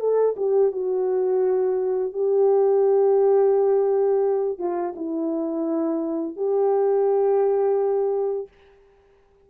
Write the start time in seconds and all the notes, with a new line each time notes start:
0.00 A4
0.37 G4
0.72 F#4
2.13 G4
4.59 F4
4.96 E4
6.37 G4